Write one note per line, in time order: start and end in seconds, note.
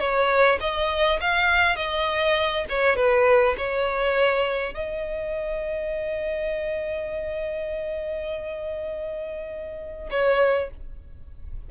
0.00 0.59 C#5
0.61 1.20 D#5
1.21 1.77 F5
1.77 2.66 D#5
2.69 2.96 C#5
2.96 3.56 B4
3.58 4.75 C#5
4.75 10.10 D#5
10.11 10.70 C#5